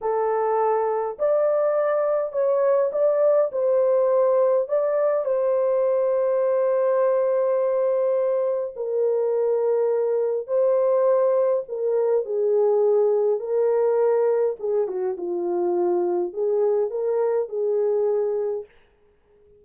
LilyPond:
\new Staff \with { instrumentName = "horn" } { \time 4/4 \tempo 4 = 103 a'2 d''2 | cis''4 d''4 c''2 | d''4 c''2.~ | c''2. ais'4~ |
ais'2 c''2 | ais'4 gis'2 ais'4~ | ais'4 gis'8 fis'8 f'2 | gis'4 ais'4 gis'2 | }